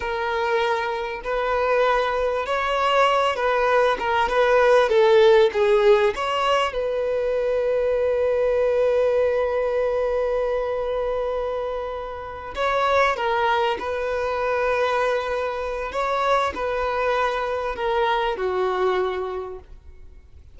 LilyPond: \new Staff \with { instrumentName = "violin" } { \time 4/4 \tempo 4 = 98 ais'2 b'2 | cis''4. b'4 ais'8 b'4 | a'4 gis'4 cis''4 b'4~ | b'1~ |
b'1~ | b'8 cis''4 ais'4 b'4.~ | b'2 cis''4 b'4~ | b'4 ais'4 fis'2 | }